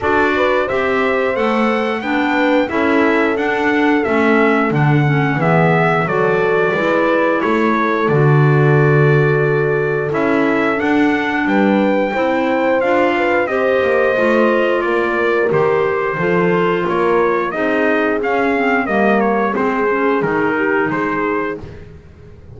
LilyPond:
<<
  \new Staff \with { instrumentName = "trumpet" } { \time 4/4 \tempo 4 = 89 d''4 e''4 fis''4 g''4 | e''4 fis''4 e''4 fis''4 | e''4 d''2 cis''4 | d''2. e''4 |
fis''4 g''2 f''4 | dis''2 d''4 c''4~ | c''4 cis''4 dis''4 f''4 | dis''8 cis''8 c''4 ais'4 c''4 | }
  \new Staff \with { instrumentName = "horn" } { \time 4/4 a'8 b'8 c''2 b'4 | a'1 | gis'4 a'4 b'4 a'4~ | a'1~ |
a'4 b'4 c''4. b'8 | c''2 ais'2 | a'4 ais'4 gis'2 | ais'4 gis'4. g'8 gis'4 | }
  \new Staff \with { instrumentName = "clarinet" } { \time 4/4 fis'4 g'4 a'4 d'4 | e'4 d'4 cis'4 d'8 cis'8 | b4 fis'4 e'2 | fis'2. e'4 |
d'2 e'4 f'4 | g'4 f'2 g'4 | f'2 dis'4 cis'8 c'8 | ais4 c'8 cis'8 dis'2 | }
  \new Staff \with { instrumentName = "double bass" } { \time 4/4 d'4 c'4 a4 b4 | cis'4 d'4 a4 d4 | e4 fis4 gis4 a4 | d2. cis'4 |
d'4 g4 c'4 d'4 | c'8 ais8 a4 ais4 dis4 | f4 ais4 c'4 cis'4 | g4 gis4 dis4 gis4 | }
>>